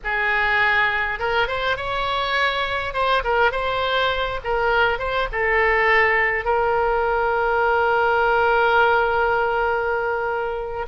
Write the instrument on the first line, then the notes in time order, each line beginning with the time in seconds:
oboe
0.04 G#4
1.19 A#4
1.47 C5
1.76 C#5
2.93 C5
3.24 A#4
3.51 C5
4.44 A#4
4.98 C5
5.32 A4
6.44 A#4